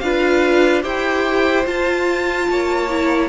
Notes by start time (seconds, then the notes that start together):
0.00 D4 F4 B4 F5
0.83 E4 G4 C5 G5
1.65 F4 A5
2.50 A#3 C#5
2.90 E4